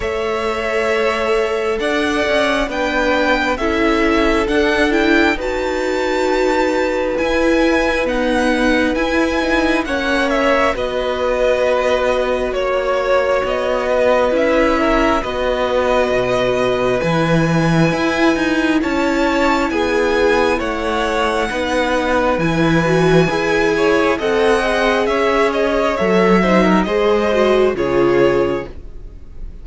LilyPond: <<
  \new Staff \with { instrumentName = "violin" } { \time 4/4 \tempo 4 = 67 e''2 fis''4 g''4 | e''4 fis''8 g''8 a''2 | gis''4 fis''4 gis''4 fis''8 e''8 | dis''2 cis''4 dis''4 |
e''4 dis''2 gis''4~ | gis''4 a''4 gis''4 fis''4~ | fis''4 gis''2 fis''4 | e''8 dis''8 e''4 dis''4 cis''4 | }
  \new Staff \with { instrumentName = "violin" } { \time 4/4 cis''2 d''4 b'4 | a'2 b'2~ | b'2. cis''4 | b'2 cis''4. b'8~ |
b'8 ais'8 b'2.~ | b'4 cis''4 gis'4 cis''4 | b'2~ b'8 cis''8 dis''4 | cis''4. c''16 ais'16 c''4 gis'4 | }
  \new Staff \with { instrumentName = "viola" } { \time 4/4 a'2. d'4 | e'4 d'8 e'8 fis'2 | e'4 b4 e'8 dis'8 cis'4 | fis'1 |
e'4 fis'2 e'4~ | e'1 | dis'4 e'8 fis'8 gis'4 a'8 gis'8~ | gis'4 a'8 dis'8 gis'8 fis'8 f'4 | }
  \new Staff \with { instrumentName = "cello" } { \time 4/4 a2 d'8 cis'8 b4 | cis'4 d'4 dis'2 | e'4 dis'4 e'4 ais4 | b2 ais4 b4 |
cis'4 b4 b,4 e4 | e'8 dis'8 cis'4 b4 a4 | b4 e4 e'4 c'4 | cis'4 fis4 gis4 cis4 | }
>>